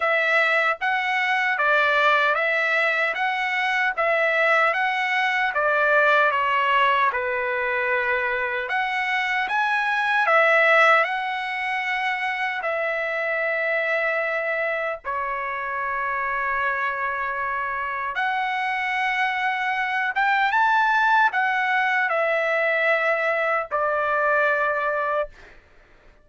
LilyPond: \new Staff \with { instrumentName = "trumpet" } { \time 4/4 \tempo 4 = 76 e''4 fis''4 d''4 e''4 | fis''4 e''4 fis''4 d''4 | cis''4 b'2 fis''4 | gis''4 e''4 fis''2 |
e''2. cis''4~ | cis''2. fis''4~ | fis''4. g''8 a''4 fis''4 | e''2 d''2 | }